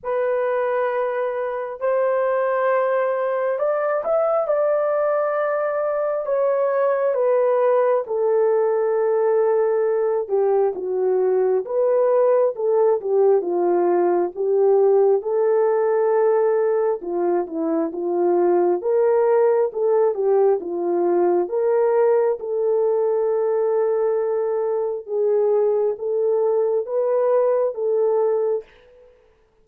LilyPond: \new Staff \with { instrumentName = "horn" } { \time 4/4 \tempo 4 = 67 b'2 c''2 | d''8 e''8 d''2 cis''4 | b'4 a'2~ a'8 g'8 | fis'4 b'4 a'8 g'8 f'4 |
g'4 a'2 f'8 e'8 | f'4 ais'4 a'8 g'8 f'4 | ais'4 a'2. | gis'4 a'4 b'4 a'4 | }